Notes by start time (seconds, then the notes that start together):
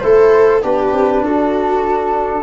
0.00 A3 E4 A4 C5
0.62 B3 D4 G4 B4
0.92 C4
1.21 D4 F#4 A4